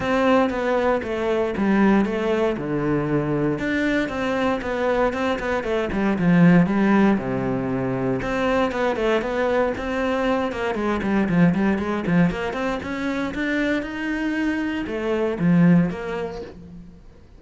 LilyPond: \new Staff \with { instrumentName = "cello" } { \time 4/4 \tempo 4 = 117 c'4 b4 a4 g4 | a4 d2 d'4 | c'4 b4 c'8 b8 a8 g8 | f4 g4 c2 |
c'4 b8 a8 b4 c'4~ | c'8 ais8 gis8 g8 f8 g8 gis8 f8 | ais8 c'8 cis'4 d'4 dis'4~ | dis'4 a4 f4 ais4 | }